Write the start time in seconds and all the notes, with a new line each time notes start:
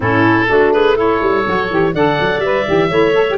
0.00 A2 C#4 E4 A4
0.47 A3 D4 F#4
0.72 G#4 B4
0.95 E4 A4 C#5
1.21 G3
1.45 F#3 F#4
1.70 E3 G4
1.93 D3 A4 D5 F#5
2.20 F#3
2.39 G3 B4 E5
2.65 E3 G4
2.89 A3 E4 C#5
3.13 A4
3.30 G4